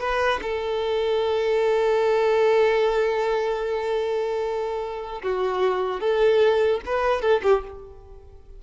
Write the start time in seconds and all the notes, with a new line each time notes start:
0.00 B4
0.42 A4
5.22 F#4
6.00 A4
6.85 B4
7.21 A4
7.43 G4